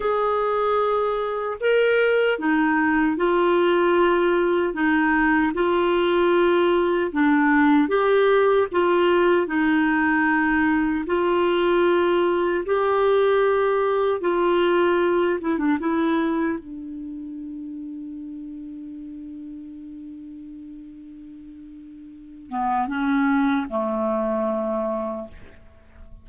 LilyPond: \new Staff \with { instrumentName = "clarinet" } { \time 4/4 \tempo 4 = 76 gis'2 ais'4 dis'4 | f'2 dis'4 f'4~ | f'4 d'4 g'4 f'4 | dis'2 f'2 |
g'2 f'4. e'16 d'16 | e'4 d'2.~ | d'1~ | d'8 b8 cis'4 a2 | }